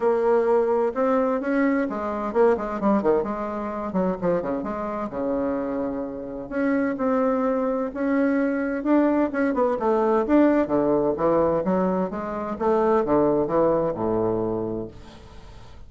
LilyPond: \new Staff \with { instrumentName = "bassoon" } { \time 4/4 \tempo 4 = 129 ais2 c'4 cis'4 | gis4 ais8 gis8 g8 dis8 gis4~ | gis8 fis8 f8 cis8 gis4 cis4~ | cis2 cis'4 c'4~ |
c'4 cis'2 d'4 | cis'8 b8 a4 d'4 d4 | e4 fis4 gis4 a4 | d4 e4 a,2 | }